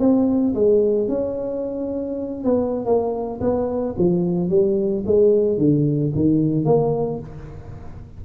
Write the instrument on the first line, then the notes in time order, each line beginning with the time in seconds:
tuba
0.00 C4
0.55 G#3
1.09 C#4
2.45 B3
2.86 A#3
3.41 B3
3.98 F3
4.50 G3
5.07 G#3
5.58 D3
6.15 D#3
6.65 A#3